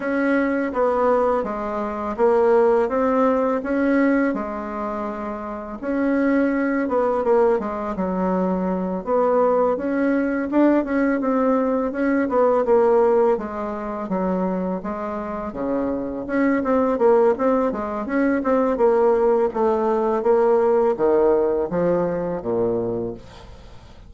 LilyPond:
\new Staff \with { instrumentName = "bassoon" } { \time 4/4 \tempo 4 = 83 cis'4 b4 gis4 ais4 | c'4 cis'4 gis2 | cis'4. b8 ais8 gis8 fis4~ | fis8 b4 cis'4 d'8 cis'8 c'8~ |
c'8 cis'8 b8 ais4 gis4 fis8~ | fis8 gis4 cis4 cis'8 c'8 ais8 | c'8 gis8 cis'8 c'8 ais4 a4 | ais4 dis4 f4 ais,4 | }